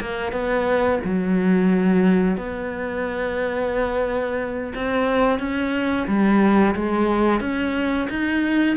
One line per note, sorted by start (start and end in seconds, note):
0.00 0.32 A#3
0.32 0.99 B3
1.04 2.37 F#3
2.37 4.73 B3
4.74 5.39 C4
5.39 6.06 C#4
6.07 6.74 G3
6.75 7.40 G#3
7.40 8.07 C#4
8.09 8.76 D#4